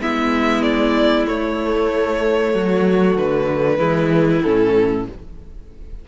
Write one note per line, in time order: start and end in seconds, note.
0.00 1.26 G#3
0.00 1.27 B3
0.00 2.54 E4
0.00 0.63 E5
0.63 1.26 D5
1.27 3.78 A3
1.27 2.54 A3
1.27 3.17 C#5
2.54 3.17 F#3
2.54 3.78 F#4
3.17 3.79 D3
3.17 4.43 B4
3.78 4.42 E3
3.78 4.41 G#3
3.78 5.04 E4
4.43 5.08 A2
4.43 5.09 C#4
4.43 5.06 A4